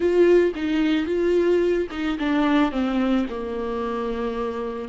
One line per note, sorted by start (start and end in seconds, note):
0.00 0.53 F4
0.55 1.05 D#4
1.05 1.87 F4
1.90 2.17 D#4
2.18 2.71 D4
2.71 3.26 C4
3.29 4.88 A#3